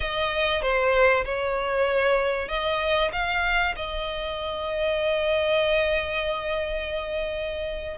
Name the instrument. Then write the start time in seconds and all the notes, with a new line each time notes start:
violin
0.00 D#5
0.61 C5
1.24 C#5
2.48 D#5
3.12 F5
3.76 D#5